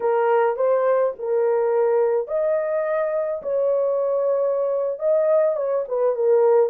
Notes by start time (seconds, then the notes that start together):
0.00 A#4
0.56 C5
1.18 A#4
2.27 D#5
3.42 C#5
4.99 D#5
5.56 C#5
5.88 B4
6.15 A#4